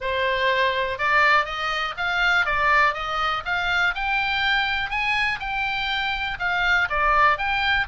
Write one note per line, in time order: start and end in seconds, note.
0.00 0.98 C5
0.98 1.45 D5
1.45 1.94 D#5
1.97 2.45 F5
2.45 2.94 D5
2.94 3.43 D#5
3.45 3.94 F5
3.94 4.90 G5
4.90 5.39 G#5
5.39 6.38 G5
6.39 6.88 F5
6.89 7.37 D5
7.37 7.87 G5